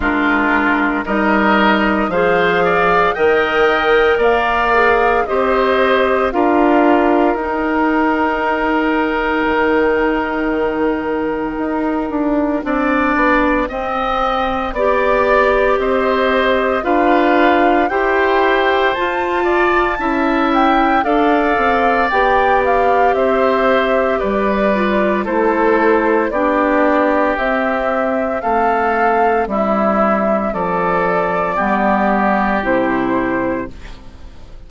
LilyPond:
<<
  \new Staff \with { instrumentName = "flute" } { \time 4/4 \tempo 4 = 57 ais'4 dis''4 f''4 g''4 | f''4 dis''4 f''4 g''4~ | g''1~ | g''2 d''4 dis''4 |
f''4 g''4 a''4. g''8 | f''4 g''8 f''8 e''4 d''4 | c''4 d''4 e''4 f''4 | e''4 d''2 c''4 | }
  \new Staff \with { instrumentName = "oboe" } { \time 4/4 f'4 ais'4 c''8 d''8 dis''4 | d''4 c''4 ais'2~ | ais'1 | d''4 dis''4 d''4 c''4 |
b'4 c''4. d''8 e''4 | d''2 c''4 b'4 | a'4 g'2 a'4 | e'4 a'4 g'2 | }
  \new Staff \with { instrumentName = "clarinet" } { \time 4/4 d'4 dis'4 gis'4 ais'4~ | ais'8 gis'8 g'4 f'4 dis'4~ | dis'1 | d'4 c'4 g'2 |
f'4 g'4 f'4 e'4 | a'4 g'2~ g'8 f'8 | e'4 d'4 c'2~ | c'2 b4 e'4 | }
  \new Staff \with { instrumentName = "bassoon" } { \time 4/4 gis4 g4 f4 dis4 | ais4 c'4 d'4 dis'4~ | dis'4 dis2 dis'8 d'8 | c'8 b8 c'4 b4 c'4 |
d'4 e'4 f'4 cis'4 | d'8 c'8 b4 c'4 g4 | a4 b4 c'4 a4 | g4 f4 g4 c4 | }
>>